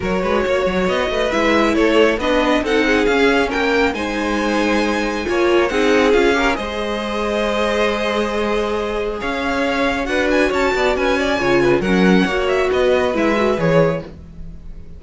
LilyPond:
<<
  \new Staff \with { instrumentName = "violin" } { \time 4/4 \tempo 4 = 137 cis''2 dis''4 e''4 | cis''4 dis''4 fis''4 f''4 | g''4 gis''2.~ | gis''4 fis''4 f''4 dis''4~ |
dis''1~ | dis''4 f''2 fis''8 gis''8 | a''4 gis''2 fis''4~ | fis''8 e''8 dis''4 e''4 cis''4 | }
  \new Staff \with { instrumentName = "violin" } { \time 4/4 ais'8 b'8 cis''4. b'4. | a'4 b'4 a'8 gis'4. | ais'4 c''2. | cis''4 gis'4. ais'8 c''4~ |
c''1~ | c''4 cis''2 b'4 | cis''8 d''8 b'8 d''8 cis''8 b'8 ais'4 | cis''4 b'2. | }
  \new Staff \with { instrumentName = "viola" } { \time 4/4 fis'2. e'4~ | e'4 d'4 dis'4 cis'4~ | cis'4 dis'2. | f'4 dis'4 f'8 g'8 gis'4~ |
gis'1~ | gis'2. fis'4~ | fis'2 f'4 cis'4 | fis'2 e'8 fis'8 gis'4 | }
  \new Staff \with { instrumentName = "cello" } { \time 4/4 fis8 gis8 ais8 fis8 b8 a8 gis4 | a4 b4 c'4 cis'4 | ais4 gis2. | ais4 c'4 cis'4 gis4~ |
gis1~ | gis4 cis'2 d'4 | cis'8 b8 cis'4 cis4 fis4 | ais4 b4 gis4 e4 | }
>>